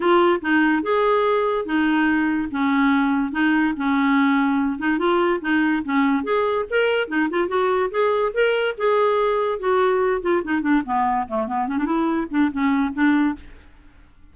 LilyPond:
\new Staff \with { instrumentName = "clarinet" } { \time 4/4 \tempo 4 = 144 f'4 dis'4 gis'2 | dis'2 cis'2 | dis'4 cis'2~ cis'8 dis'8 | f'4 dis'4 cis'4 gis'4 |
ais'4 dis'8 f'8 fis'4 gis'4 | ais'4 gis'2 fis'4~ | fis'8 f'8 dis'8 d'8 b4 a8 b8 | cis'16 d'16 e'4 d'8 cis'4 d'4 | }